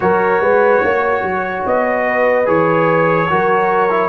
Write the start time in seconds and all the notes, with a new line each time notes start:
0.00 F#3 F#4 A#4 C#5
0.40 G#3 B4
0.81 A#3 C#5
1.22 F#3
1.65 B3 D#5
2.07 B4
2.45 E3 G#4 C#5
3.29 F#3 F#4 A#4
3.89 E4